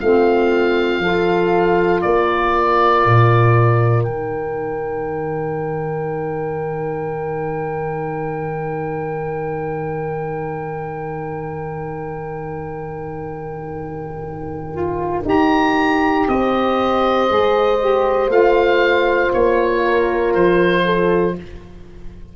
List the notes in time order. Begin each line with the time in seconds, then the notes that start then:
0.00 A3 C4 F4 F5
0.99 F3 F4 A4
2.02 A#3 A#4 D5
3.06 A#2
4.04 D#3 D#4 G5
14.72 F4
15.25 D#4 G4 A#5
16.28 C4 C5 D#5
17.29 G#3 G#4
17.80 G4
18.28 A3 F4 F5
19.33 A#3 C#5
19.84 A#4
20.34 F3 C5
20.85 A4